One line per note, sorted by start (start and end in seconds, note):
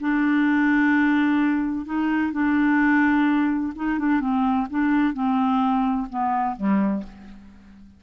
0.00 1.85 D4
1.85 2.32 D#4
2.32 3.73 D4
3.75 3.99 D#4
3.99 4.20 D4
4.20 4.67 C4
4.70 5.14 D4
5.14 6.07 C4
6.09 6.56 B3
6.56 7.03 G3